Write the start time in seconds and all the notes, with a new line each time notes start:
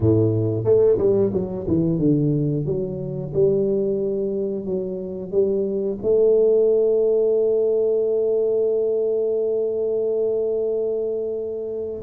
0.00 A2
0.64 A3
0.98 G3
1.33 F#3
1.67 E3
1.98 D3
2.65 F#3
3.33 G3
4.65 F#3
5.31 G3
6.02 A3